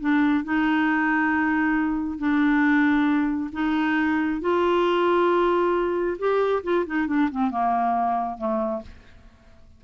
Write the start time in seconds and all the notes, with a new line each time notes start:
0.00 D4
0.44 D#4
2.18 D4
3.52 D#4
4.41 F4
6.18 G4
6.63 F4
6.86 D#4
7.07 D4
7.31 C4
7.50 A#3
8.37 A3